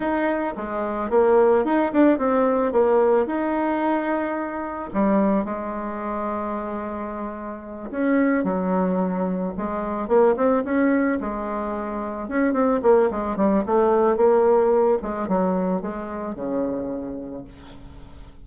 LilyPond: \new Staff \with { instrumentName = "bassoon" } { \time 4/4 \tempo 4 = 110 dis'4 gis4 ais4 dis'8 d'8 | c'4 ais4 dis'2~ | dis'4 g4 gis2~ | gis2~ gis8 cis'4 fis8~ |
fis4. gis4 ais8 c'8 cis'8~ | cis'8 gis2 cis'8 c'8 ais8 | gis8 g8 a4 ais4. gis8 | fis4 gis4 cis2 | }